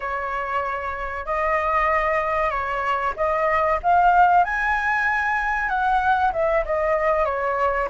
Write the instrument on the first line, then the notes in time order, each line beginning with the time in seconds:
flute
0.00 C#5
1.25 D#5
2.50 C#5
3.16 D#5
3.82 F5
4.44 G#5
5.68 F#5
6.32 E5
6.65 D#5
7.25 C#5